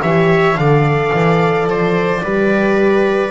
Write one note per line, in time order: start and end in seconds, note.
0.00 0.55 E3
0.00 0.56 G4
0.00 0.58 C#5
0.00 0.56 E5
0.55 1.11 D3
0.55 2.22 A4
0.55 1.69 D5
0.55 1.67 F5
1.13 1.66 E3
1.66 2.21 F3
1.66 2.22 C5
1.66 3.31 D5
2.22 3.31 G3
2.22 3.31 G4
2.22 3.31 B4